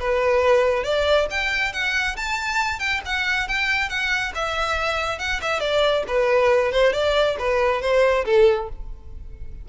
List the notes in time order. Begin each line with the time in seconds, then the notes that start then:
0.00 B4
0.83 D5
1.30 G5
1.73 F#5
2.16 A5
2.79 G5
3.05 F#5
3.48 G5
3.89 F#5
4.35 E5
5.19 F#5
5.42 E5
5.60 D5
6.08 B4
6.72 C5
6.93 D5
7.39 B4
7.81 C5
8.25 A4